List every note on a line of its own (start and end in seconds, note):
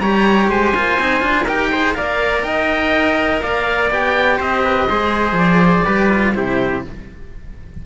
0.00 0.49 G3
0.00 0.75 G4
0.00 0.50 C#5
0.00 0.49 A#5
0.49 0.73 G#3
0.49 1.44 C5
0.49 1.48 G#5
0.75 0.98 A#3
0.75 0.99 F4
0.98 1.22 C4
0.98 1.21 D#4
1.21 1.46 D4
1.21 1.45 F4
1.44 1.96 D#4
1.44 1.73 G4
1.44 1.68 A#4
1.44 1.94 G5
1.72 1.95 G#4
1.72 1.96 C5
1.94 2.43 A#3
1.94 3.90 A#4
1.94 2.45 D5
1.94 2.43 F5
2.43 3.41 D#4
2.43 3.42 D#5
2.43 3.40 G5
3.41 3.91 A#3
3.41 4.37 D5
3.41 3.90 F5
3.90 4.39 B3
3.90 4.88 G4
3.90 4.41 G5
4.37 4.89 C4
4.37 4.62 C5
4.37 5.38 D#5
4.64 4.88 B4
4.89 5.33 G#3
4.89 5.85 G#4
4.89 5.85 C5
5.33 5.81 F3
5.33 6.34 D5
5.85 6.36 G3
5.85 6.10 G4
5.85 6.34 B4
6.10 6.34 F4
6.34 6.85 C3
6.34 6.83 E4
6.34 6.86 G4
6.34 6.83 C5